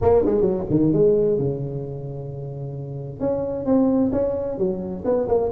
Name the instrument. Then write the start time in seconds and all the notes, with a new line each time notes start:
tuba
0.01 A#3
0.25 G#3
0.41 F#3
0.70 D#3
0.93 G#3
1.38 C#3
3.20 C#4
3.65 C4
4.12 C#4
4.58 F#3
5.04 B3
5.28 A#3